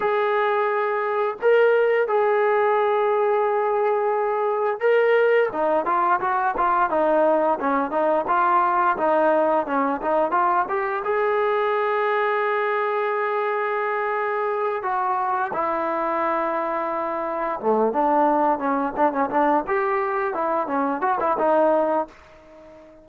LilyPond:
\new Staff \with { instrumentName = "trombone" } { \time 4/4 \tempo 4 = 87 gis'2 ais'4 gis'4~ | gis'2. ais'4 | dis'8 f'8 fis'8 f'8 dis'4 cis'8 dis'8 | f'4 dis'4 cis'8 dis'8 f'8 g'8 |
gis'1~ | gis'4. fis'4 e'4.~ | e'4. a8 d'4 cis'8 d'16 cis'16 | d'8 g'4 e'8 cis'8 fis'16 e'16 dis'4 | }